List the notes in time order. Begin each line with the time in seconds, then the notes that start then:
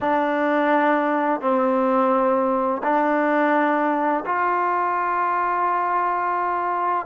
0.01 D4
1.41 C4
2.83 D4
4.25 F4